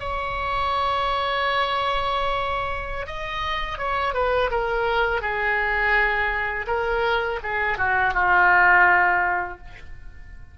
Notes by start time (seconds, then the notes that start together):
0.00 C#5
3.07 D#5
3.79 C#5
4.14 B4
4.51 A#4
5.22 G#4
6.67 A#4
7.43 G#4
7.78 F#4
8.14 F4